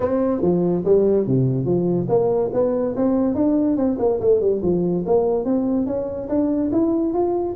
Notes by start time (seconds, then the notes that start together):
0.00 C4
0.41 F3
0.84 G3
1.26 C3
1.65 F3
2.09 A#3
2.53 B3
2.95 C4
3.34 D4
3.76 C4
3.98 A#3
4.20 A3
4.40 G3
4.62 F3
5.06 A#3
5.44 C4
5.86 C#4
6.28 D4
6.71 E4
7.13 F4